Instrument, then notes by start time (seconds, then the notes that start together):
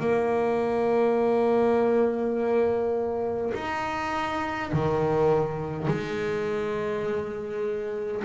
double bass
0.00 A#3
3.55 D#4
4.73 D#3
5.88 G#3